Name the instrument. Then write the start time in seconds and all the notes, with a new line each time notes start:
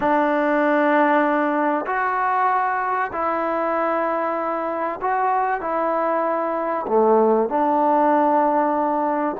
trombone
0.00 D4
1.86 F#4
3.12 E4
5.01 F#4
5.61 E4
6.87 A3
7.49 D4